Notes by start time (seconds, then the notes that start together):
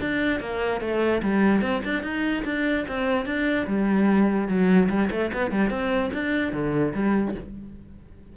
0.00 D4
0.40 A#3
0.81 A3
1.22 G3
1.62 C4
1.84 D4
2.03 D#4
2.44 D4
2.88 C4
3.25 D4
3.67 G3
4.48 F#3
4.89 G3
5.11 A3
5.33 B3
5.51 G3
5.70 C4
6.13 D4
6.52 D3
6.94 G3